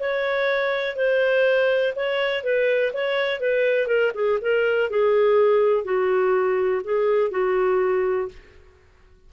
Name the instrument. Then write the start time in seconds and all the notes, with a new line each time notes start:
clarinet
0.00 C#5
0.96 C5
1.96 C#5
2.44 B4
2.94 C#5
3.40 B4
3.87 A#4
4.14 G#4
4.41 A#4
4.90 G#4
5.84 F#4
6.84 G#4
7.31 F#4